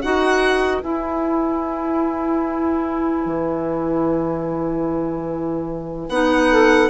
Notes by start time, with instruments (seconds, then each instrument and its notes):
0.00 bassoon D#4, clarinet F#4, saxophone B4, violin F#5
0.82 clarinet E4, bassoon E4, violin G#5
3.26 bassoon E3
6.09 bassoon B3, clarinet D#4, violin F#5
6.51 saxophone A4